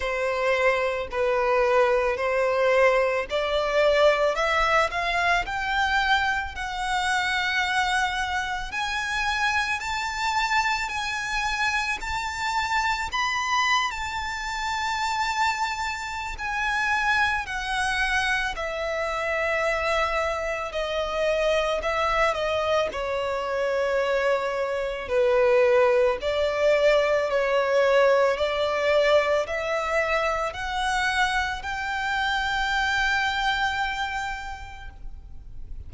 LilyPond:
\new Staff \with { instrumentName = "violin" } { \time 4/4 \tempo 4 = 55 c''4 b'4 c''4 d''4 | e''8 f''8 g''4 fis''2 | gis''4 a''4 gis''4 a''4 | b''8. a''2~ a''16 gis''4 |
fis''4 e''2 dis''4 | e''8 dis''8 cis''2 b'4 | d''4 cis''4 d''4 e''4 | fis''4 g''2. | }